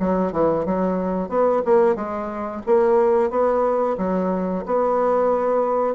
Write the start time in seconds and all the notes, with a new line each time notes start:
0.00 F#3
0.32 E3
0.65 F#3
1.29 B3
1.65 A#3
1.95 G#3
2.67 A#3
3.30 B3
3.98 F#3
4.66 B3